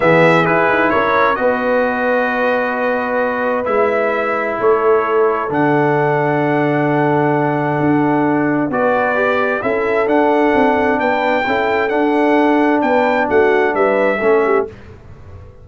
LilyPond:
<<
  \new Staff \with { instrumentName = "trumpet" } { \time 4/4 \tempo 4 = 131 e''4 b'4 cis''4 dis''4~ | dis''1 | e''2 cis''2 | fis''1~ |
fis''2. d''4~ | d''4 e''4 fis''2 | g''2 fis''2 | g''4 fis''4 e''2 | }
  \new Staff \with { instrumentName = "horn" } { \time 4/4 gis'2 ais'4 b'4~ | b'1~ | b'2 a'2~ | a'1~ |
a'2. b'4~ | b'4 a'2. | b'4 a'2. | b'4 fis'4 b'4 a'8 g'8 | }
  \new Staff \with { instrumentName = "trombone" } { \time 4/4 b4 e'2 fis'4~ | fis'1 | e'1 | d'1~ |
d'2. fis'4 | g'4 e'4 d'2~ | d'4 e'4 d'2~ | d'2. cis'4 | }
  \new Staff \with { instrumentName = "tuba" } { \time 4/4 e4 e'8 dis'8 cis'4 b4~ | b1 | gis2 a2 | d1~ |
d4 d'2 b4~ | b4 cis'4 d'4 c'4 | b4 cis'4 d'2 | b4 a4 g4 a4 | }
>>